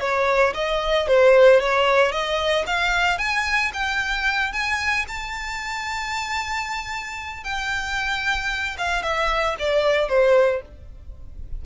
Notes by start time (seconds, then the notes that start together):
0.00 C#5
0.54 D#5
1.07 C5
1.60 C#5
2.11 D#5
2.66 F5
3.18 G#5
3.73 G5
4.52 G#5
5.08 A5
7.44 G5
8.78 F5
9.02 E5
9.59 D5
10.08 C5